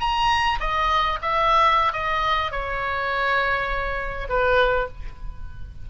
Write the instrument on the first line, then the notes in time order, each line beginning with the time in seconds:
oboe
0.00 A#5
0.60 D#5
1.22 E5
1.93 D#5
2.51 C#5
4.29 B4